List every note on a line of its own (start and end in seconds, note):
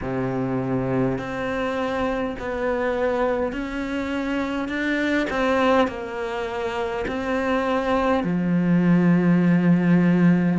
0.01 1.18 C3
1.18 2.35 C4
2.39 3.52 B3
3.52 4.68 C#4
4.68 5.27 D4
5.29 5.87 C4
5.87 7.05 A#3
7.07 8.24 C4
8.24 10.59 F3